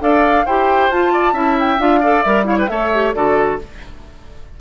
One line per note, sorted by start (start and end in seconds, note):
0.00 0.45 D4
0.00 0.45 A4
0.00 0.46 D5
0.00 0.46 F5
0.46 0.89 E4
0.46 0.91 G4
0.46 1.12 C5
0.46 0.91 G5
0.89 1.33 F4
0.89 1.58 A5
1.12 1.33 D5
1.33 1.78 C#4
1.33 1.78 E4
1.33 2.00 E5
1.59 1.80 G5
1.79 2.23 D4
1.79 2.01 F4
1.79 2.23 F5
2.00 2.25 A4
2.00 2.45 D5
2.23 2.69 G3
2.23 2.44 A#4
2.23 2.45 E5
2.44 2.67 E4
2.44 2.58 C#5
2.44 2.57 F5
2.58 2.69 B4
2.58 2.68 G5
2.68 3.14 A3
2.68 2.91 A4
2.68 3.15 C#5
2.68 3.13 E5
2.93 3.14 G4
3.14 3.60 D3
3.14 3.59 F#4
3.14 3.60 A4
3.14 3.59 D5